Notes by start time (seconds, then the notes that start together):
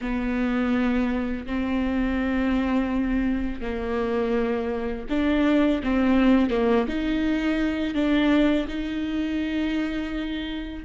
0.01 B3
1.46 C4
3.61 A#3
5.09 D4
5.83 C4
6.50 A#3
6.87 D#4
7.94 D4
8.67 D#4